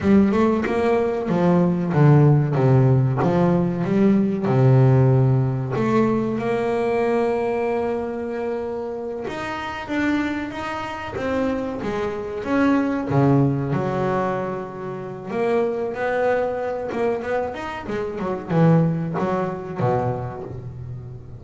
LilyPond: \new Staff \with { instrumentName = "double bass" } { \time 4/4 \tempo 4 = 94 g8 a8 ais4 f4 d4 | c4 f4 g4 c4~ | c4 a4 ais2~ | ais2~ ais8 dis'4 d'8~ |
d'8 dis'4 c'4 gis4 cis'8~ | cis'8 cis4 fis2~ fis8 | ais4 b4. ais8 b8 dis'8 | gis8 fis8 e4 fis4 b,4 | }